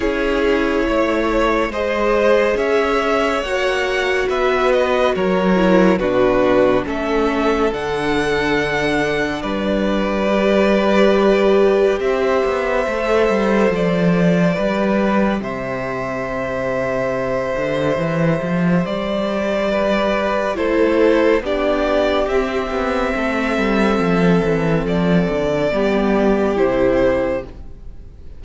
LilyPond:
<<
  \new Staff \with { instrumentName = "violin" } { \time 4/4 \tempo 4 = 70 cis''2 dis''4 e''4 | fis''4 e''8 dis''8 cis''4 b'4 | e''4 fis''2 d''4~ | d''2 e''2 |
d''2 e''2~ | e''2 d''2 | c''4 d''4 e''2~ | e''4 d''2 c''4 | }
  \new Staff \with { instrumentName = "violin" } { \time 4/4 gis'4 cis''4 c''4 cis''4~ | cis''4 b'4 ais'4 fis'4 | a'2. b'4~ | b'2 c''2~ |
c''4 b'4 c''2~ | c''2. b'4 | a'4 g'2 a'4~ | a'2 g'2 | }
  \new Staff \with { instrumentName = "viola" } { \time 4/4 e'2 gis'2 | fis'2~ fis'8 e'8 d'4 | cis'4 d'2. | g'2. a'4~ |
a'4 g'2.~ | g'1 | e'4 d'4 c'2~ | c'2 b4 e'4 | }
  \new Staff \with { instrumentName = "cello" } { \time 4/4 cis'4 a4 gis4 cis'4 | ais4 b4 fis4 b,4 | a4 d2 g4~ | g2 c'8 b8 a8 g8 |
f4 g4 c2~ | c8 d8 e8 f8 g2 | a4 b4 c'8 b8 a8 g8 | f8 e8 f8 d8 g4 c4 | }
>>